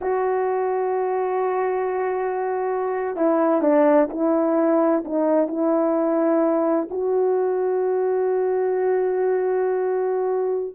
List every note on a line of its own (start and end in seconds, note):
0.01 3.16 F#4
3.16 3.61 E4
3.61 4.08 D4
4.10 5.03 E4
5.04 5.47 D#4
5.47 6.88 E4
6.90 10.75 F#4